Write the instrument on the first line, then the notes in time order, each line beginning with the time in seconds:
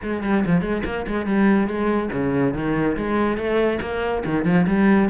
cello
0.02 G#3
0.23 G3
0.46 F3
0.61 G#3
0.85 A#3
1.07 G#3
1.26 G3
1.67 G#3
2.12 C#3
2.54 D#3
2.96 G#3
3.37 A3
3.81 A#3
4.25 D#3
4.44 F3
4.67 G3